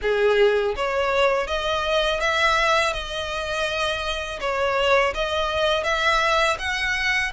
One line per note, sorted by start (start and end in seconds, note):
0.02 0.75 G#4
0.75 1.47 C#5
1.47 2.20 D#5
2.20 2.93 E5
2.93 4.39 D#5
4.40 5.13 C#5
5.14 5.83 D#5
5.83 6.56 E5
6.58 7.31 F#5